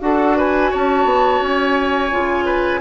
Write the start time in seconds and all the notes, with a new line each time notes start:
0.00 D4 F#4 A4 F#5
0.36 B4 G#5
0.70 C#4 C#5 A5
1.05 B3
1.41 C#4 G#5
2.11 C#3 F4
2.45 B4